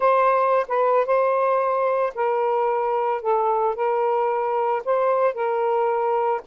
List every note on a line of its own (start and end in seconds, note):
0.00 0.66 C5
0.68 1.05 B4
1.05 2.13 C5
2.14 3.21 A#4
3.21 3.75 A4
3.75 4.82 A#4
4.85 5.34 C5
5.34 6.41 A#4